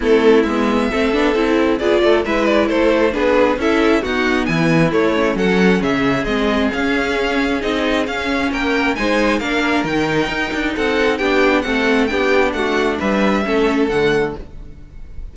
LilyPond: <<
  \new Staff \with { instrumentName = "violin" } { \time 4/4 \tempo 4 = 134 a'4 e''2. | d''4 e''8 d''8 c''4 b'4 | e''4 fis''4 gis''4 cis''4 | fis''4 e''4 dis''4 f''4~ |
f''4 dis''4 f''4 g''4 | gis''4 f''4 g''2 | fis''4 g''4 fis''4 g''4 | fis''4 e''2 fis''4 | }
  \new Staff \with { instrumentName = "violin" } { \time 4/4 e'2 a'2 | gis'8 a'8 b'4 a'4 gis'4 | a'4 fis'4 e'2 | a'4 gis'2.~ |
gis'2. ais'4 | c''4 ais'2. | a'4 g'4 a'4 g'4 | fis'4 b'4 a'2 | }
  \new Staff \with { instrumentName = "viola" } { \time 4/4 c'4 b4 c'8 d'8 e'4 | f'4 e'2 d'4 | e'4 b2 a8 cis'8~ | cis'2 c'4 cis'4~ |
cis'4 dis'4 cis'2 | dis'4 d'4 dis'2~ | dis'4 d'4 c'4 d'4~ | d'2 cis'4 a4 | }
  \new Staff \with { instrumentName = "cello" } { \time 4/4 a4 gis4 a8 b8 c'4 | b8 a8 gis4 a4 b4 | cis'4 dis'4 e4 a4 | fis4 cis4 gis4 cis'4~ |
cis'4 c'4 cis'4 ais4 | gis4 ais4 dis4 dis'8 d'8 | c'4 b4 a4 b4 | a4 g4 a4 d4 | }
>>